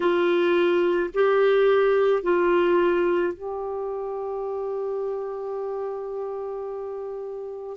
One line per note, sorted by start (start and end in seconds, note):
0.00 1.10 F4
1.14 2.22 G4
2.22 3.33 F4
3.33 7.76 G4